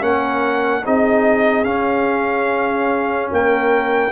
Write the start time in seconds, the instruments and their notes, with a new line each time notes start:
0.00 tuba A#3, trombone C#4, horn A#4, trumpet F#5
0.84 tuba C4, trombone D#4, horn G#4, trumpet D#5
1.64 trombone C#4, tuba C#4, trumpet F5
3.30 tuba A#3, horn A#4, trumpet G5